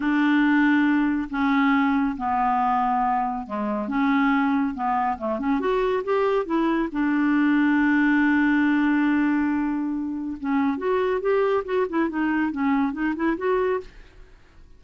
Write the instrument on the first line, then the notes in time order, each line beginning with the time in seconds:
clarinet
0.00 D4
1.29 C#4
2.17 B3
3.46 G#3
3.88 C#4
4.74 B3
5.18 A3
5.39 C#4
5.60 F#4
6.04 G4
6.45 E4
6.92 D4
10.39 C#4
10.77 F#4
11.20 G4
11.64 F#4
11.89 E4
12.09 D#4
12.51 C#4
12.93 D#4
13.15 E4
13.37 F#4